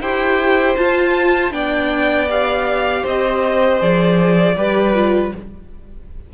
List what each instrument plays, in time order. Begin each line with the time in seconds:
0.00 cello E4, viola G4, violin C5 G5
0.76 viola F4, cello F4, violin A5
1.51 cello B3, viola D4, violin D5 G5
2.29 viola G4, violin F5
3.02 cello C4, violin C5 D#5
3.79 cello F3, viola G#4, violin D5
4.55 cello G3, viola G4, violin B4
4.94 viola F4